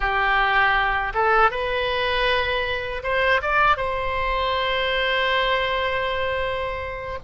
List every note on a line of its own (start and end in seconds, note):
0.00 1.13 G4
1.14 1.50 A4
1.50 3.02 B4
3.03 3.41 C5
3.41 3.76 D5
3.76 7.18 C5